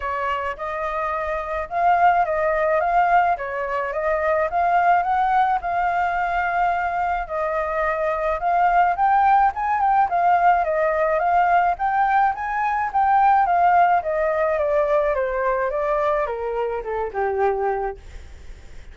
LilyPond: \new Staff \with { instrumentName = "flute" } { \time 4/4 \tempo 4 = 107 cis''4 dis''2 f''4 | dis''4 f''4 cis''4 dis''4 | f''4 fis''4 f''2~ | f''4 dis''2 f''4 |
g''4 gis''8 g''8 f''4 dis''4 | f''4 g''4 gis''4 g''4 | f''4 dis''4 d''4 c''4 | d''4 ais'4 a'8 g'4. | }